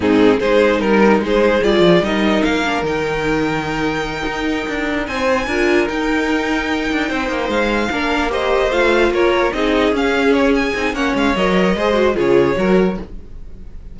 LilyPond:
<<
  \new Staff \with { instrumentName = "violin" } { \time 4/4 \tempo 4 = 148 gis'4 c''4 ais'4 c''4 | d''4 dis''4 f''4 g''4~ | g''1~ | g''8 gis''2 g''4.~ |
g''2~ g''8 f''4.~ | f''8 dis''4 f''4 cis''4 dis''8~ | dis''8 f''4 cis''8 gis''4 fis''8 f''8 | dis''2 cis''2 | }
  \new Staff \with { instrumentName = "violin" } { \time 4/4 dis'4 gis'4 ais'4 gis'4~ | gis'4 ais'2.~ | ais'1~ | ais'8 c''4 ais'2~ ais'8~ |
ais'4. c''2 ais'8~ | ais'8 c''2 ais'4 gis'8~ | gis'2. cis''4~ | cis''4 c''4 gis'4 ais'4 | }
  \new Staff \with { instrumentName = "viola" } { \time 4/4 c'4 dis'2. | f'4 dis'4. d'8 dis'4~ | dis'1~ | dis'4. f'4 dis'4.~ |
dis'2.~ dis'8 d'8~ | d'8 g'4 f'2 dis'8~ | dis'8 cis'2 dis'8 cis'4 | ais'4 gis'8 fis'8 f'4 fis'4 | }
  \new Staff \with { instrumentName = "cello" } { \time 4/4 gis,4 gis4 g4 gis4 | g8 f8 g4 ais4 dis4~ | dis2~ dis8 dis'4 d'8~ | d'8 c'4 d'4 dis'4.~ |
dis'4 d'8 c'8 ais8 gis4 ais8~ | ais4. a4 ais4 c'8~ | c'8 cis'2 c'8 ais8 gis8 | fis4 gis4 cis4 fis4 | }
>>